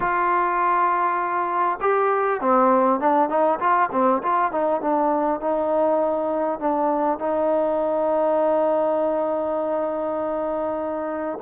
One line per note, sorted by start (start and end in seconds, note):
0.00 1.79 F4
1.81 2.41 G4
2.41 2.99 C4
2.99 3.29 D4
3.29 3.59 D#4
3.59 3.89 F4
3.92 4.21 C4
4.22 4.51 F4
4.51 4.81 D#4
4.81 5.40 D4
5.40 6.59 D#4
6.59 7.18 D4
7.18 11.38 D#4